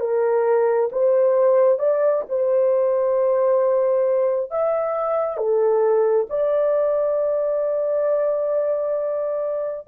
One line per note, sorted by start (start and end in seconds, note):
0.00 0.90 A#4
0.92 1.79 C5
1.79 2.23 D5
2.29 4.51 C5
4.51 5.37 E5
5.37 6.27 A4
6.30 9.88 D5